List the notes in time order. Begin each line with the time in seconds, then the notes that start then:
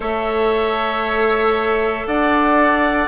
0.00 A3 A4 C#5 E5
2.06 D4 D5 F#5